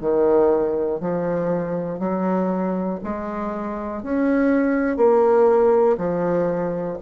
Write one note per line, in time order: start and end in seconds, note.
0.00 1.00 D#3
1.00 1.99 F3
1.99 2.99 F#3
3.03 4.02 G#3
4.02 4.96 C#4
4.96 5.96 A#3
5.97 6.97 F3